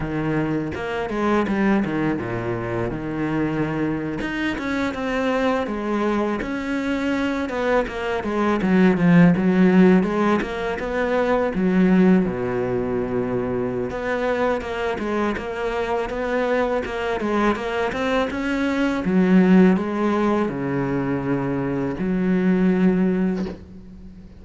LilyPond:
\new Staff \with { instrumentName = "cello" } { \time 4/4 \tempo 4 = 82 dis4 ais8 gis8 g8 dis8 ais,4 | dis4.~ dis16 dis'8 cis'8 c'4 gis16~ | gis8. cis'4. b8 ais8 gis8 fis16~ | fis16 f8 fis4 gis8 ais8 b4 fis16~ |
fis8. b,2~ b,16 b4 | ais8 gis8 ais4 b4 ais8 gis8 | ais8 c'8 cis'4 fis4 gis4 | cis2 fis2 | }